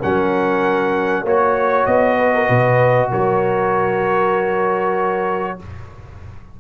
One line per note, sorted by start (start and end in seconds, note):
0.00 1.24 F#3
0.00 1.26 C#4
0.00 1.24 A#4
0.00 1.26 F#5
1.24 1.86 A#3
1.24 5.60 F#4
1.24 2.17 C#5
1.24 1.86 C#5
1.86 2.49 B3
1.86 3.10 D#5
2.18 2.33 B4
2.35 2.48 A#4
2.48 3.11 B2
2.48 3.10 B4
3.10 5.60 F#3
3.10 5.58 A#4
3.10 5.60 C#5